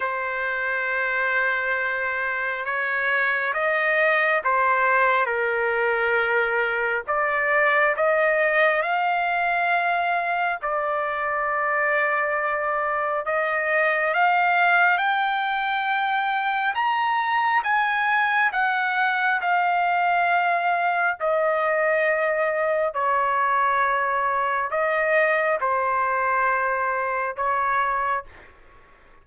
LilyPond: \new Staff \with { instrumentName = "trumpet" } { \time 4/4 \tempo 4 = 68 c''2. cis''4 | dis''4 c''4 ais'2 | d''4 dis''4 f''2 | d''2. dis''4 |
f''4 g''2 ais''4 | gis''4 fis''4 f''2 | dis''2 cis''2 | dis''4 c''2 cis''4 | }